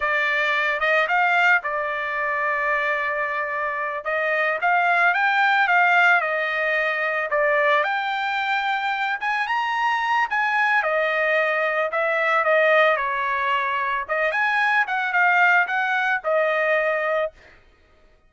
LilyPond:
\new Staff \with { instrumentName = "trumpet" } { \time 4/4 \tempo 4 = 111 d''4. dis''8 f''4 d''4~ | d''2.~ d''8 dis''8~ | dis''8 f''4 g''4 f''4 dis''8~ | dis''4. d''4 g''4.~ |
g''4 gis''8 ais''4. gis''4 | dis''2 e''4 dis''4 | cis''2 dis''8 gis''4 fis''8 | f''4 fis''4 dis''2 | }